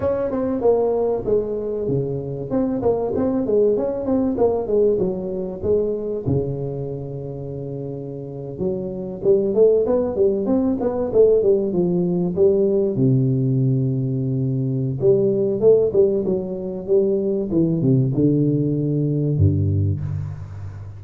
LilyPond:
\new Staff \with { instrumentName = "tuba" } { \time 4/4 \tempo 4 = 96 cis'8 c'8 ais4 gis4 cis4 | c'8 ais8 c'8 gis8 cis'8 c'8 ais8 gis8 | fis4 gis4 cis2~ | cis4.~ cis16 fis4 g8 a8 b16~ |
b16 g8 c'8 b8 a8 g8 f4 g16~ | g8. c2.~ c16 | g4 a8 g8 fis4 g4 | e8 c8 d2 g,4 | }